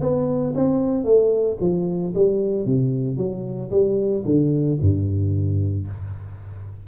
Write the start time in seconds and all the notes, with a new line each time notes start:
0.00 B3
0.55 C4
1.04 A3
1.60 F3
2.14 G3
2.65 C3
3.16 F#3
3.70 G3
4.25 D3
4.81 G2